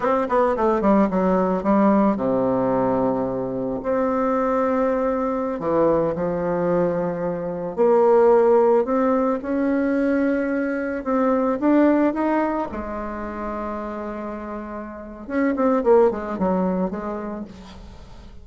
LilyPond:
\new Staff \with { instrumentName = "bassoon" } { \time 4/4 \tempo 4 = 110 c'8 b8 a8 g8 fis4 g4 | c2. c'4~ | c'2~ c'16 e4 f8.~ | f2~ f16 ais4.~ ais16~ |
ais16 c'4 cis'2~ cis'8.~ | cis'16 c'4 d'4 dis'4 gis8.~ | gis1 | cis'8 c'8 ais8 gis8 fis4 gis4 | }